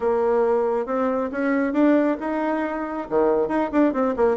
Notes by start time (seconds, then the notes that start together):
0.00 A#3
0.86 C4
1.31 C#4
1.73 D4
2.20 D#4
3.09 D#3
3.48 D#4
3.71 D4
3.93 C4
4.16 A#3